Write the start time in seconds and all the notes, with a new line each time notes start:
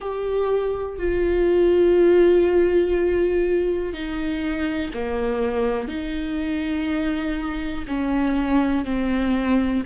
0.00 G4
0.98 F4
3.93 D#4
4.93 A#3
5.87 D#4
7.87 C#4
8.84 C4